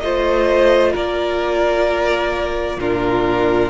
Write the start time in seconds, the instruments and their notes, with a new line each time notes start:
0.00 cello A3, viola F4, violin C5 D#5
0.93 cello A#3, violin A#4 D5
2.77 cello A#2, viola D4, violin F4 A#4